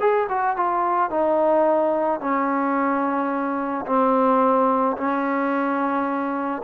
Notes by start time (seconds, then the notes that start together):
0.00 G#4
0.29 F#4
0.57 F4
1.10 D#4
2.20 C#4
3.86 C4
4.97 C#4